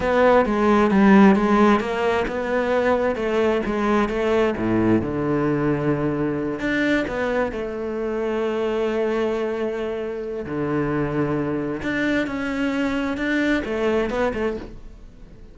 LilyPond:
\new Staff \with { instrumentName = "cello" } { \time 4/4 \tempo 4 = 132 b4 gis4 g4 gis4 | ais4 b2 a4 | gis4 a4 a,4 d4~ | d2~ d8 d'4 b8~ |
b8 a2.~ a8~ | a2. d4~ | d2 d'4 cis'4~ | cis'4 d'4 a4 b8 a8 | }